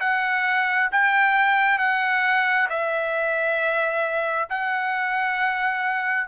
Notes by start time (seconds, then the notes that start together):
0.00 F#5
0.91 G5
1.78 F#5
2.69 E5
4.49 F#5